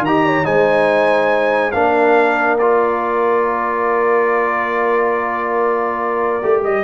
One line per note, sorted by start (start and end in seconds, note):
0.00 0.43 D#3
0.00 0.25 D#5
0.00 0.45 A#5
0.07 0.44 G4
0.25 0.46 C#5
0.44 1.73 G#3
0.44 1.71 D#4
0.44 1.73 C5
0.44 1.71 G#5
1.71 6.41 A#3
1.71 2.59 D4
1.71 6.84 A#4
1.71 2.56 F5
2.58 6.41 F4
2.58 6.62 D5
6.41 6.62 A3
6.41 6.84 G4
6.62 6.84 G3
6.62 6.84 D#5